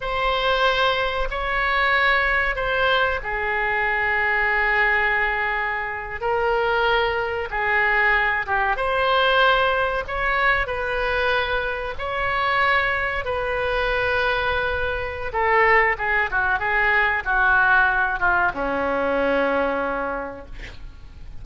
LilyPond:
\new Staff \with { instrumentName = "oboe" } { \time 4/4 \tempo 4 = 94 c''2 cis''2 | c''4 gis'2.~ | gis'4.~ gis'16 ais'2 gis'16~ | gis'4~ gis'16 g'8 c''2 cis''16~ |
cis''8. b'2 cis''4~ cis''16~ | cis''8. b'2.~ b'16 | a'4 gis'8 fis'8 gis'4 fis'4~ | fis'8 f'8 cis'2. | }